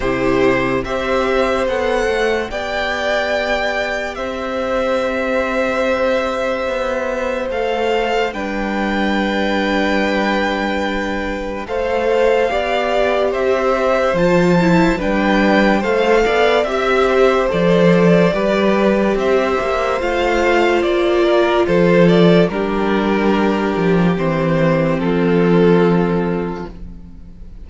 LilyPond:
<<
  \new Staff \with { instrumentName = "violin" } { \time 4/4 \tempo 4 = 72 c''4 e''4 fis''4 g''4~ | g''4 e''2.~ | e''4 f''4 g''2~ | g''2 f''2 |
e''4 a''4 g''4 f''4 | e''4 d''2 e''4 | f''4 d''4 c''8 d''8 ais'4~ | ais'4 c''4 a'2 | }
  \new Staff \with { instrumentName = "violin" } { \time 4/4 g'4 c''2 d''4~ | d''4 c''2.~ | c''2 b'2~ | b'2 c''4 d''4 |
c''2 b'4 c''8 d''8 | e''8 c''4. b'4 c''4~ | c''4. ais'8 a'4 g'4~ | g'2 f'2 | }
  \new Staff \with { instrumentName = "viola" } { \time 4/4 e'4 g'4 a'4 g'4~ | g'1~ | g'4 a'4 d'2~ | d'2 a'4 g'4~ |
g'4 f'8 e'8 d'4 a'4 | g'4 a'4 g'2 | f'2. d'4~ | d'4 c'2. | }
  \new Staff \with { instrumentName = "cello" } { \time 4/4 c4 c'4 b8 a8 b4~ | b4 c'2. | b4 a4 g2~ | g2 a4 b4 |
c'4 f4 g4 a8 b8 | c'4 f4 g4 c'8 ais8 | a4 ais4 f4 g4~ | g8 f8 e4 f2 | }
>>